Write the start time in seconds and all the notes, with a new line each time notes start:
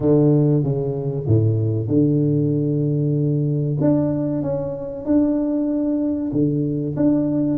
0.00 D3
0.63 C#3
1.26 A2
1.87 D3
3.80 D4
4.42 C#4
5.05 D4
6.32 D3
6.96 D4